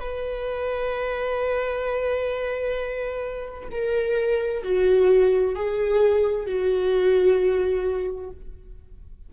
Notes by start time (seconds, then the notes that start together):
0.00 B4
3.72 A#4
4.64 F#4
5.56 G#4
6.46 F#4